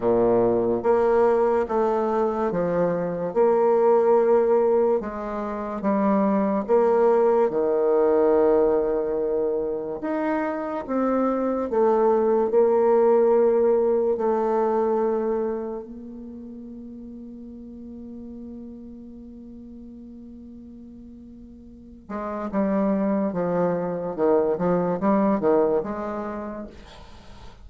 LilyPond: \new Staff \with { instrumentName = "bassoon" } { \time 4/4 \tempo 4 = 72 ais,4 ais4 a4 f4 | ais2 gis4 g4 | ais4 dis2. | dis'4 c'4 a4 ais4~ |
ais4 a2 ais4~ | ais1~ | ais2~ ais8 gis8 g4 | f4 dis8 f8 g8 dis8 gis4 | }